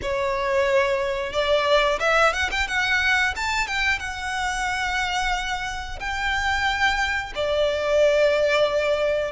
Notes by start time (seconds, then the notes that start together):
0.02 C#5
1.32 D5
1.99 E5
2.33 F#5
2.51 G5
2.67 F#5
3.36 A5
3.67 G5
3.99 F#5
5.99 G5
7.35 D5